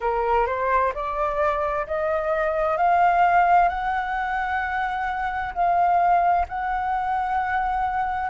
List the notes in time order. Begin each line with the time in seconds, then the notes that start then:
0.00 A#4
0.46 C5
0.94 D5
1.86 D#5
2.77 F5
3.68 F#5
5.53 F5
6.48 F#5